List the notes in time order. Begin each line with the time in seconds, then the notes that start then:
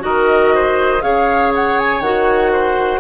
0.00 D#3 F#4 A#4 D#5
0.55 C5
1.01 C#3 G#4 C#5 F5
1.55 F#5
1.79 G#5
2.00 D#3 F#4 F#5
2.52 C5